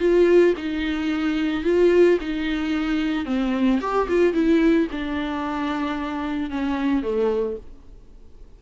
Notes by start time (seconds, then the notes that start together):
0.00 F4
0.57 D#4
1.64 F4
2.21 D#4
3.26 C4
3.81 G4
4.09 F4
4.34 E4
4.92 D4
6.51 C#4
7.03 A3